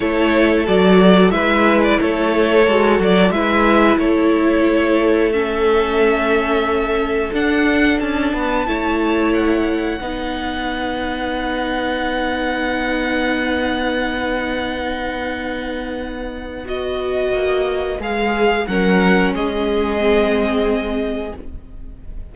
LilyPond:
<<
  \new Staff \with { instrumentName = "violin" } { \time 4/4 \tempo 4 = 90 cis''4 d''4 e''8. d''16 cis''4~ | cis''8 d''8 e''4 cis''2 | e''2. fis''4 | a''2 fis''2~ |
fis''1~ | fis''1~ | fis''4 dis''2 f''4 | fis''4 dis''2. | }
  \new Staff \with { instrumentName = "violin" } { \time 4/4 a'2 b'4 a'4~ | a'4 b'4 a'2~ | a'1~ | a'8 b'8 cis''2 b'4~ |
b'1~ | b'1~ | b'1 | ais'4 gis'2. | }
  \new Staff \with { instrumentName = "viola" } { \time 4/4 e'4 fis'4 e'2 | fis'4 e'2. | cis'2. d'4~ | d'4 e'2 dis'4~ |
dis'1~ | dis'1~ | dis'4 fis'2 gis'4 | cis'2 c'2 | }
  \new Staff \with { instrumentName = "cello" } { \time 4/4 a4 fis4 gis4 a4 | gis8 fis8 gis4 a2~ | a2. d'4 | cis'8 b8 a2 b4~ |
b1~ | b1~ | b2 ais4 gis4 | fis4 gis2. | }
>>